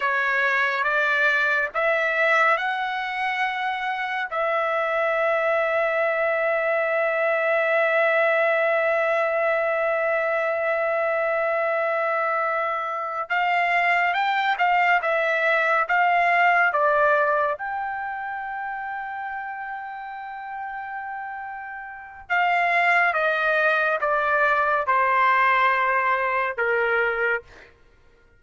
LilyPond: \new Staff \with { instrumentName = "trumpet" } { \time 4/4 \tempo 4 = 70 cis''4 d''4 e''4 fis''4~ | fis''4 e''2.~ | e''1~ | e''2.~ e''8 f''8~ |
f''8 g''8 f''8 e''4 f''4 d''8~ | d''8 g''2.~ g''8~ | g''2 f''4 dis''4 | d''4 c''2 ais'4 | }